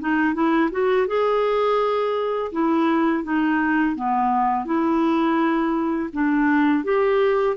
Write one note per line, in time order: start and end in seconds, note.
0.00 0.34 D#4
0.34 0.70 E4
0.71 1.07 F#4
1.07 2.52 G#4
2.52 3.24 E4
3.24 3.96 D#4
3.96 4.65 B3
4.65 6.10 E4
6.13 6.84 D4
6.84 7.56 G4